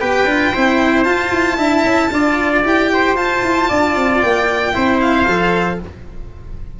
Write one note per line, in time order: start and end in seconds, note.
0.00 0.25 B3
0.00 0.27 G4
0.00 0.52 B4
0.00 1.03 G5
0.25 0.51 D4
0.25 0.54 F4
0.52 1.05 C4
0.52 1.05 E4
0.52 1.58 C5
1.03 1.31 F4
1.03 1.58 F4
1.03 2.61 A5
1.32 1.57 E4
1.57 1.83 D4
1.57 2.10 E4
1.57 2.11 E5
1.84 2.10 C#4
2.11 2.64 D4
2.11 2.63 F4
2.11 2.92 D5
2.64 3.15 E4
2.64 3.16 G4
2.64 3.16 G5
2.93 3.69 C5
3.15 3.41 F4
3.15 4.73 F4
3.15 4.21 A5
3.42 3.69 E4
3.69 3.96 D4
3.69 4.74 D5
3.96 4.22 C4
4.21 4.76 A#3
4.21 5.00 G5
4.73 5.27 C4
4.73 5.26 E4
4.73 5.80 C5
5.00 5.79 F5
5.27 5.80 F3
5.27 5.80 A4